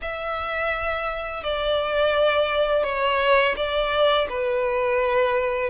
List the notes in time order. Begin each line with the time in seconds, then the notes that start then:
0.01 E5
1.43 D5
2.83 C#5
3.56 D5
4.29 B4